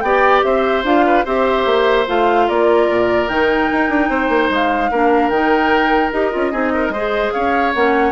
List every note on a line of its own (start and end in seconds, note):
0.00 0.42 B3
0.00 0.83 G4
0.00 0.45 D5
0.00 0.41 G5
0.43 0.83 C4
0.43 1.05 C5
0.43 0.84 E5
0.83 1.24 D4
0.83 1.24 F4
0.83 1.25 F5
1.06 1.24 B4
1.24 1.65 C4
1.24 2.06 G4
1.24 2.46 C5
1.24 2.07 E5
1.65 2.06 A#3
2.07 2.48 A3
2.07 3.28 F4
2.07 2.48 F5
2.47 2.89 A#3
2.47 4.09 A#4
2.47 3.28 D5
2.89 3.28 A#2
3.28 3.69 D#3
3.28 4.91 D#4
3.28 4.50 G5
3.71 3.89 D#4
3.89 4.09 D4
4.09 4.28 C4
4.09 4.90 C5
4.28 4.49 A#3
4.50 4.90 G#3
4.50 5.29 F5
4.91 5.29 A#3
4.91 5.32 D4
4.91 6.52 A#4
5.29 6.10 D#3
5.29 6.12 D#4
5.29 6.10 G5
6.12 6.32 D#4
6.12 6.31 G4
6.12 7.32 D#5
6.31 6.53 C#4
6.31 6.51 F4
6.51 6.89 C4
6.51 6.92 D#4
6.51 6.72 G#4
6.74 6.92 A#4
6.89 7.29 G#3
6.89 7.33 C5
6.95 7.74 G#4
7.32 7.74 C#4
7.32 8.12 C#5
7.32 7.72 F5
7.74 8.12 A#3
7.74 8.12 C#4
7.74 8.12 F#5